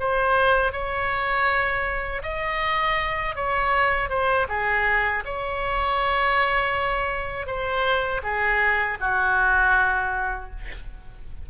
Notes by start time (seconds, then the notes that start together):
0.00 C5
0.73 C#5
2.23 D#5
3.35 C#5
4.10 C5
4.49 G#4
5.25 C#5
7.47 C5
8.23 G#4
9.01 F#4